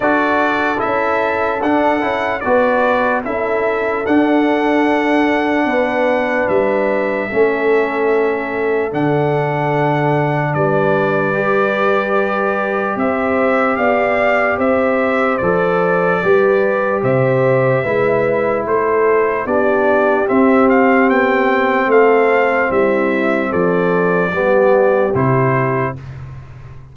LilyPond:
<<
  \new Staff \with { instrumentName = "trumpet" } { \time 4/4 \tempo 4 = 74 d''4 e''4 fis''4 d''4 | e''4 fis''2. | e''2. fis''4~ | fis''4 d''2. |
e''4 f''4 e''4 d''4~ | d''4 e''2 c''4 | d''4 e''8 f''8 g''4 f''4 | e''4 d''2 c''4 | }
  \new Staff \with { instrumentName = "horn" } { \time 4/4 a'2. b'4 | a'2. b'4~ | b'4 a'2.~ | a'4 b'2. |
c''4 d''4 c''2 | b'4 c''4 b'4 a'4 | g'2. a'4 | e'4 a'4 g'2 | }
  \new Staff \with { instrumentName = "trombone" } { \time 4/4 fis'4 e'4 d'8 e'8 fis'4 | e'4 d'2.~ | d'4 cis'2 d'4~ | d'2 g'2~ |
g'2. a'4 | g'2 e'2 | d'4 c'2.~ | c'2 b4 e'4 | }
  \new Staff \with { instrumentName = "tuba" } { \time 4/4 d'4 cis'4 d'8 cis'8 b4 | cis'4 d'2 b4 | g4 a2 d4~ | d4 g2. |
c'4 b4 c'4 f4 | g4 c4 gis4 a4 | b4 c'4 b4 a4 | g4 f4 g4 c4 | }
>>